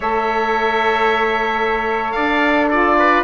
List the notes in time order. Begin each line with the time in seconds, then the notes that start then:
0.00 A3 A4 C#5 E5
2.11 D4 D5 F5
2.68 F4 A4 D5
2.98 B4